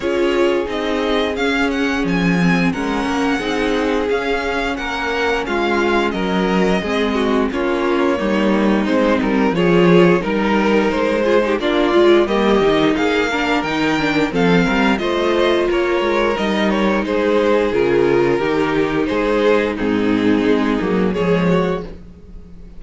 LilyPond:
<<
  \new Staff \with { instrumentName = "violin" } { \time 4/4 \tempo 4 = 88 cis''4 dis''4 f''8 fis''8 gis''4 | fis''2 f''4 fis''4 | f''4 dis''2 cis''4~ | cis''4 c''8 ais'8 cis''4 ais'4 |
c''4 d''4 dis''4 f''4 | g''4 f''4 dis''4 cis''4 | dis''8 cis''8 c''4 ais'2 | c''4 gis'2 cis''4 | }
  \new Staff \with { instrumentName = "violin" } { \time 4/4 gis'1 | ais'4 gis'2 ais'4 | f'4 ais'4 gis'8 fis'8 f'4 | dis'2 gis'4 ais'4~ |
ais'8 gis'16 g'16 f'4 g'4 gis'8 ais'8~ | ais'4 a'8 ais'8 c''4 ais'4~ | ais'4 gis'2 g'4 | gis'4 dis'2 gis'8 fis'8 | }
  \new Staff \with { instrumentName = "viola" } { \time 4/4 f'4 dis'4 cis'4. c'8 | cis'4 dis'4 cis'2~ | cis'2 c'4 cis'4 | ais4 c'4 f'4 dis'4~ |
dis'8 f'16 dis'16 d'8 f'8 ais8 dis'4 d'8 | dis'8 d'8 c'4 f'2 | dis'2 f'4 dis'4~ | dis'4 c'4. ais8 gis4 | }
  \new Staff \with { instrumentName = "cello" } { \time 4/4 cis'4 c'4 cis'4 f4 | gis8 ais8 c'4 cis'4 ais4 | gis4 fis4 gis4 ais4 | g4 gis8 g8 f4 g4 |
gis4 ais8 gis8 g8 dis8 ais4 | dis4 f8 g8 a4 ais8 gis8 | g4 gis4 cis4 dis4 | gis4 gis,4 gis8 fis8 f4 | }
>>